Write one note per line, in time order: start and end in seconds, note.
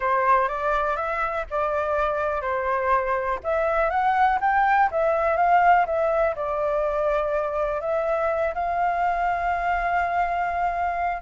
0.00 0.48 C5
0.48 0.96 D5
0.96 1.45 E5
1.50 2.41 D5
2.41 3.39 C5
3.43 3.90 E5
3.90 4.39 F#5
4.40 4.89 G5
4.91 5.36 E5
5.36 5.85 F5
5.86 6.35 E5
6.35 7.80 D5
7.80 8.54 E5
8.54 11.22 F5